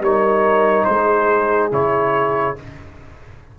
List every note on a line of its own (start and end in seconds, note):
0.00 0.85 G3
0.00 1.71 D#4
0.00 0.87 A#4
0.00 0.84 C#5
0.84 1.72 G#3
0.84 2.58 G#4
0.84 1.69 C5
1.71 2.56 C#3
1.71 2.56 E4
1.71 2.57 C#5